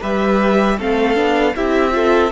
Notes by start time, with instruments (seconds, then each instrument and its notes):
0.00 cello G3, viola G4, violin B4 E5
0.77 cello A3, viola C4, violin A4 F5
1.15 cello B3, viola D4
1.55 cello C4, viola E4, violin G4 E5
1.91 viola F4, violin A4